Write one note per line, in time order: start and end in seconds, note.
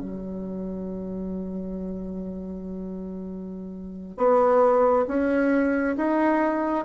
0.00 4.17 F#3
4.17 5.05 B3
5.07 5.96 C#4
5.96 6.85 D#4